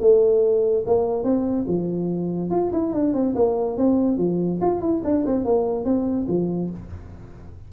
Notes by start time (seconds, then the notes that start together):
0.00 A3
0.86 A#3
1.23 C4
1.67 F3
2.50 F4
2.72 E4
2.93 D4
3.14 C4
3.35 A#3
3.77 C4
4.17 F3
4.61 F4
4.81 E4
5.04 D4
5.26 C4
5.45 A#3
5.85 C4
6.28 F3